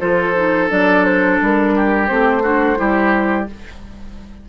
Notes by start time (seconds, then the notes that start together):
0.00 F3 F4 A4 C5
0.36 D#4
0.69 F#3 D4 D5
1.05 C5
1.42 G3 A#4
1.76 G4
2.08 A3 C4 C5
2.43 D4 F#4
2.77 G3 E4 G4